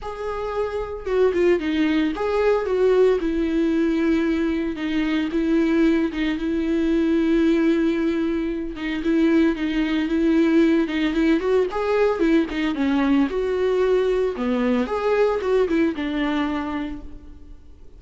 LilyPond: \new Staff \with { instrumentName = "viola" } { \time 4/4 \tempo 4 = 113 gis'2 fis'8 f'8 dis'4 | gis'4 fis'4 e'2~ | e'4 dis'4 e'4. dis'8 | e'1~ |
e'8 dis'8 e'4 dis'4 e'4~ | e'8 dis'8 e'8 fis'8 gis'4 e'8 dis'8 | cis'4 fis'2 b4 | gis'4 fis'8 e'8 d'2 | }